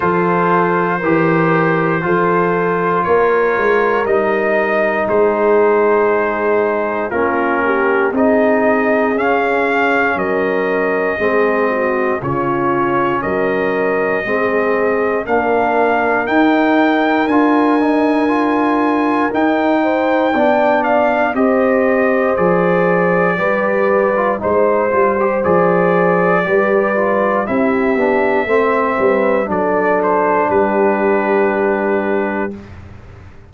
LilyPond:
<<
  \new Staff \with { instrumentName = "trumpet" } { \time 4/4 \tempo 4 = 59 c''2. cis''4 | dis''4 c''2 ais'4 | dis''4 f''4 dis''2 | cis''4 dis''2 f''4 |
g''4 gis''2 g''4~ | g''8 f''8 dis''4 d''2 | c''4 d''2 e''4~ | e''4 d''8 c''8 b'2 | }
  \new Staff \with { instrumentName = "horn" } { \time 4/4 a'4 ais'4 a'4 ais'4~ | ais'4 gis'2 f'8 g'8 | gis'2 ais'4 gis'8 fis'8 | f'4 ais'4 gis'4 ais'4~ |
ais'2.~ ais'8 c''8 | d''4 c''2 b'4 | c''2 b'4 g'4 | c''8 b'8 a'4 g'2 | }
  \new Staff \with { instrumentName = "trombone" } { \time 4/4 f'4 g'4 f'2 | dis'2. cis'4 | dis'4 cis'2 c'4 | cis'2 c'4 d'4 |
dis'4 f'8 dis'8 f'4 dis'4 | d'4 g'4 gis'4 g'8. f'16 | dis'8 f'16 g'16 gis'4 g'8 f'8 e'8 d'8 | c'4 d'2. | }
  \new Staff \with { instrumentName = "tuba" } { \time 4/4 f4 e4 f4 ais8 gis8 | g4 gis2 ais4 | c'4 cis'4 fis4 gis4 | cis4 fis4 gis4 ais4 |
dis'4 d'2 dis'4 | b4 c'4 f4 g4 | gis8 g8 f4 g4 c'8 b8 | a8 g8 fis4 g2 | }
>>